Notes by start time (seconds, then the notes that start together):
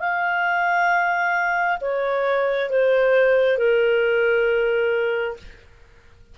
0.00 F5
1.81 C#5
2.70 C5
3.58 A#4